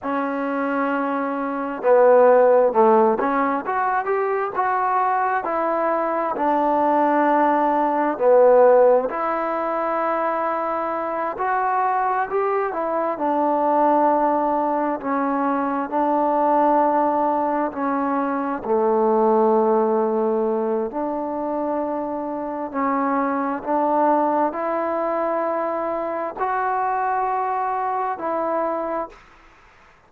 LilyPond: \new Staff \with { instrumentName = "trombone" } { \time 4/4 \tempo 4 = 66 cis'2 b4 a8 cis'8 | fis'8 g'8 fis'4 e'4 d'4~ | d'4 b4 e'2~ | e'8 fis'4 g'8 e'8 d'4.~ |
d'8 cis'4 d'2 cis'8~ | cis'8 a2~ a8 d'4~ | d'4 cis'4 d'4 e'4~ | e'4 fis'2 e'4 | }